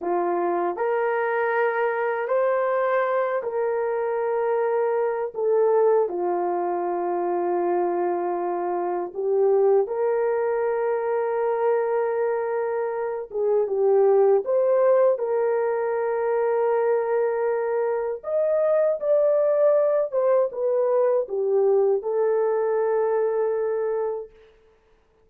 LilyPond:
\new Staff \with { instrumentName = "horn" } { \time 4/4 \tempo 4 = 79 f'4 ais'2 c''4~ | c''8 ais'2~ ais'8 a'4 | f'1 | g'4 ais'2.~ |
ais'4. gis'8 g'4 c''4 | ais'1 | dis''4 d''4. c''8 b'4 | g'4 a'2. | }